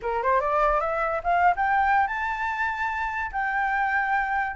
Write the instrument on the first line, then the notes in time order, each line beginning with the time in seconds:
flute
0.02 A#4
0.22 C5
0.40 D5
0.80 E5
1.23 F5
1.55 G5
2.07 A5
3.32 G5